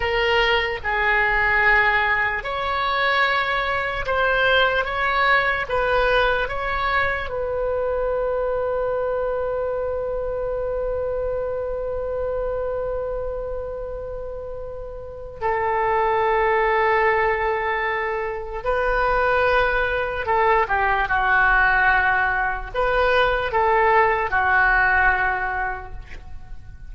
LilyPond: \new Staff \with { instrumentName = "oboe" } { \time 4/4 \tempo 4 = 74 ais'4 gis'2 cis''4~ | cis''4 c''4 cis''4 b'4 | cis''4 b'2.~ | b'1~ |
b'2. a'4~ | a'2. b'4~ | b'4 a'8 g'8 fis'2 | b'4 a'4 fis'2 | }